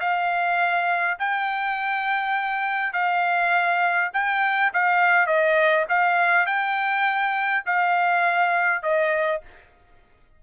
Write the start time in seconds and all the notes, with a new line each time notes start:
0.00 F5
1.18 G5
2.93 F5
4.13 G5
4.73 F5
5.26 D#5
5.89 F5
6.46 G5
7.66 F5
8.82 D#5